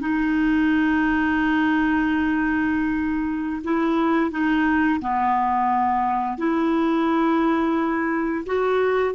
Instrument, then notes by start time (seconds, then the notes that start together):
clarinet
0.00 D#4
3.64 E4
4.31 D#4
5.01 B3
6.38 E4
8.46 F#4